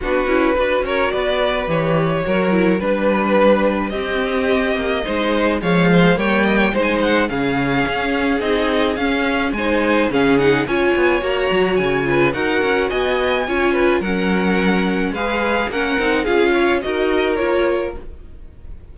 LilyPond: <<
  \new Staff \with { instrumentName = "violin" } { \time 4/4 \tempo 4 = 107 b'4. cis''8 d''4 cis''4~ | cis''4 b'2 dis''4~ | dis''2 f''4 g''4 | c''16 gis''16 fis''8 f''2 dis''4 |
f''4 gis''4 f''8 fis''8 gis''4 | ais''4 gis''4 fis''4 gis''4~ | gis''4 fis''2 f''4 | fis''4 f''4 dis''4 cis''4 | }
  \new Staff \with { instrumentName = "violin" } { \time 4/4 fis'4 b'8 ais'8 b'2 | ais'4 b'2 g'4~ | g'4 c''4 cis''8 c''8 cis''8 dis''16 cis''16 | c''4 gis'2.~ |
gis'4 c''4 gis'4 cis''4~ | cis''4. b'8 ais'4 dis''4 | cis''8 b'8 ais'2 b'4 | ais'4 gis'8 cis''8 ais'2 | }
  \new Staff \with { instrumentName = "viola" } { \time 4/4 d'8 e'8 fis'2 g'4 | fis'8 e'8 d'2 c'4~ | c'4 dis'4 gis4 ais4 | dis'4 cis'2 dis'4 |
cis'4 dis'4 cis'8 dis'8 f'4 | fis'4. f'8 fis'2 | f'4 cis'2 gis'4 | cis'8 dis'8 f'4 fis'4 f'4 | }
  \new Staff \with { instrumentName = "cello" } { \time 4/4 b8 cis'8 d'8 cis'8 b4 e4 | fis4 g2 c'4~ | c'8 ais8 gis4 f4 g4 | gis4 cis4 cis'4 c'4 |
cis'4 gis4 cis4 cis'8 b8 | ais8 fis8 cis4 dis'8 cis'8 b4 | cis'4 fis2 gis4 | ais8 c'8 cis'4 dis'4 ais4 | }
>>